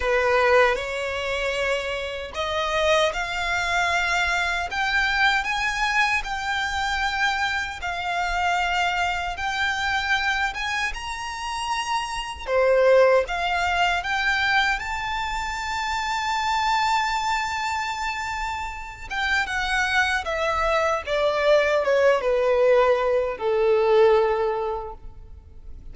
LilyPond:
\new Staff \with { instrumentName = "violin" } { \time 4/4 \tempo 4 = 77 b'4 cis''2 dis''4 | f''2 g''4 gis''4 | g''2 f''2 | g''4. gis''8 ais''2 |
c''4 f''4 g''4 a''4~ | a''1~ | a''8 g''8 fis''4 e''4 d''4 | cis''8 b'4. a'2 | }